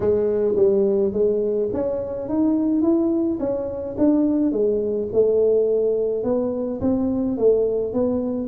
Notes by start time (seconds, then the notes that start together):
0.00 G#3
0.56 G3
1.12 G#3
1.73 C#4
2.28 D#4
2.81 E4
3.39 C#4
3.98 D4
4.51 G#3
5.13 A3
6.23 B3
6.81 C4
7.37 A3
7.93 B3